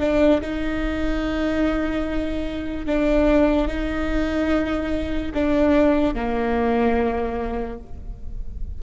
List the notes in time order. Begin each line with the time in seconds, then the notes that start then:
0.00 D4
0.41 D#4
2.86 D4
3.68 D#4
5.34 D4
6.15 A#3